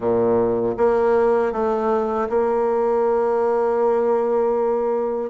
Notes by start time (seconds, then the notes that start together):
0.00 A#2
0.77 A#3
1.52 A3
2.29 A#3